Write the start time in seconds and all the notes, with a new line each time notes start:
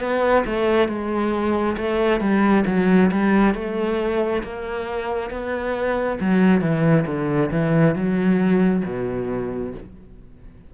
0.00 B3
0.46 A3
0.88 G#3
1.77 A3
2.20 G3
2.66 F#3
3.12 G3
3.54 A3
4.43 A#3
5.31 B3
6.20 F#3
6.61 E3
7.06 D3
7.51 E3
7.95 F#3
8.85 B2